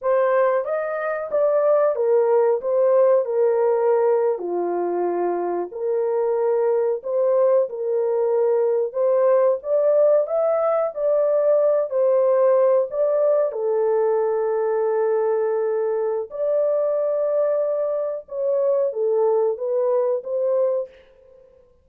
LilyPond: \new Staff \with { instrumentName = "horn" } { \time 4/4 \tempo 4 = 92 c''4 dis''4 d''4 ais'4 | c''4 ais'4.~ ais'16 f'4~ f'16~ | f'8. ais'2 c''4 ais'16~ | ais'4.~ ais'16 c''4 d''4 e''16~ |
e''8. d''4. c''4. d''16~ | d''8. a'2.~ a'16~ | a'4 d''2. | cis''4 a'4 b'4 c''4 | }